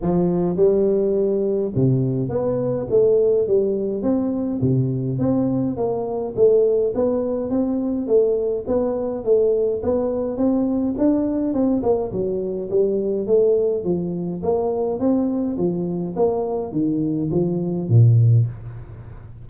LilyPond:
\new Staff \with { instrumentName = "tuba" } { \time 4/4 \tempo 4 = 104 f4 g2 c4 | b4 a4 g4 c'4 | c4 c'4 ais4 a4 | b4 c'4 a4 b4 |
a4 b4 c'4 d'4 | c'8 ais8 fis4 g4 a4 | f4 ais4 c'4 f4 | ais4 dis4 f4 ais,4 | }